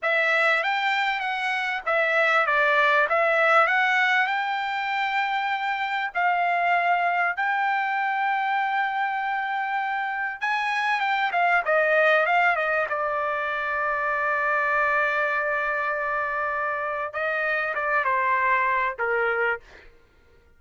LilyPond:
\new Staff \with { instrumentName = "trumpet" } { \time 4/4 \tempo 4 = 98 e''4 g''4 fis''4 e''4 | d''4 e''4 fis''4 g''4~ | g''2 f''2 | g''1~ |
g''4 gis''4 g''8 f''8 dis''4 | f''8 dis''8 d''2.~ | d''1 | dis''4 d''8 c''4. ais'4 | }